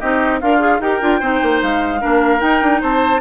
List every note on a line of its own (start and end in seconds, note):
0.00 0.42 C4
0.00 0.41 D#4
0.00 0.40 G4
0.00 0.40 D#5
0.41 0.80 D4
0.41 0.81 F4
0.41 0.60 A#4
0.41 0.81 F5
0.60 0.80 G#4
0.80 1.00 D#4
0.80 1.01 G4
0.80 1.20 A#4
0.80 1.61 G5
1.01 1.21 D4
1.01 1.21 F4
1.20 1.41 C4
1.20 2.00 D#4
1.20 2.00 C5
1.43 1.62 A#3
1.63 2.03 G#3
1.63 2.41 F5
2.00 2.42 A#3
2.00 2.40 D4
2.00 2.81 A#4
2.40 3.20 D#4
2.40 2.62 D#4
2.40 2.81 G5
2.62 2.82 D4
2.81 3.21 C4
2.81 3.21 C5
2.81 3.21 A5